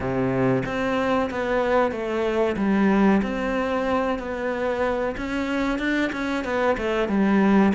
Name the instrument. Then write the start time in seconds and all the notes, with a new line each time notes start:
cello
0.00 C3
0.65 C4
1.30 B3
1.91 A3
2.57 G3
3.22 C4
4.18 B3
5.17 C#4
5.79 D4
6.12 C#4
6.44 B3
6.77 A3
7.08 G3